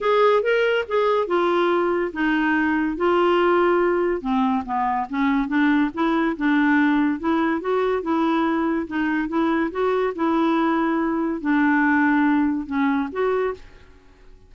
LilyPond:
\new Staff \with { instrumentName = "clarinet" } { \time 4/4 \tempo 4 = 142 gis'4 ais'4 gis'4 f'4~ | f'4 dis'2 f'4~ | f'2 c'4 b4 | cis'4 d'4 e'4 d'4~ |
d'4 e'4 fis'4 e'4~ | e'4 dis'4 e'4 fis'4 | e'2. d'4~ | d'2 cis'4 fis'4 | }